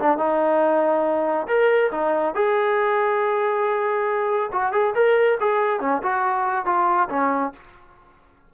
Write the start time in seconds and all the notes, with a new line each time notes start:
0.00 D4
0.18 D#4
1.48 A#4
1.92 D#4
2.35 G#4
4.53 F#4
4.73 G#4
4.96 A#4
5.41 G#4
5.81 C#4
6.03 F#4
6.66 F4
7.10 C#4